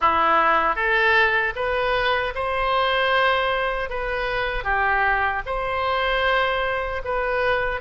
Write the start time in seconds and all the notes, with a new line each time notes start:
0.00 E4
0.75 A4
1.55 B4
2.34 C5
3.89 B4
4.64 G4
5.45 C5
7.04 B4